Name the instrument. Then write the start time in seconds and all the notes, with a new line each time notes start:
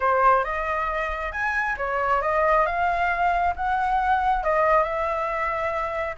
flute
0.00 C5
0.44 D#5
1.31 G#5
1.77 C#5
2.21 D#5
2.66 F5
3.56 F#5
4.43 D#5
4.83 E5